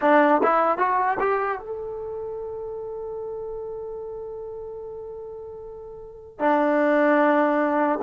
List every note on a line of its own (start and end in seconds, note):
0.01 0.41 D4
0.43 0.78 E4
0.78 1.18 F#4
1.19 1.59 G4
1.59 6.39 A4
6.39 7.99 D4